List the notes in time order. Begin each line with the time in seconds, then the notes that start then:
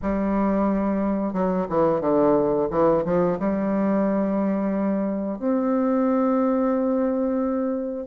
0.02 G3
1.33 F#3
1.69 E3
2.00 D3
2.70 E3
3.04 F3
3.39 G3
5.38 C4